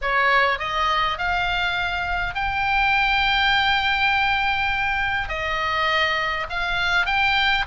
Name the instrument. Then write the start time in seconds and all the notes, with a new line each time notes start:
oboe
0.01 C#5
0.59 D#5
1.18 F5
2.34 G5
5.28 D#5
6.49 F5
7.06 G5